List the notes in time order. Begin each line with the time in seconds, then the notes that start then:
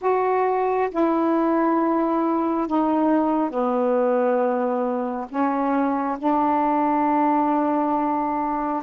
0.01 F#4
0.90 E4
2.67 D#4
3.50 B3
5.29 C#4
6.18 D4